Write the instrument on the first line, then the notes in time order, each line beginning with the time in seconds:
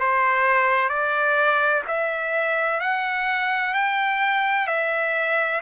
trumpet
0.00 C5
0.89 D5
1.87 E5
2.80 F#5
3.74 G5
4.67 E5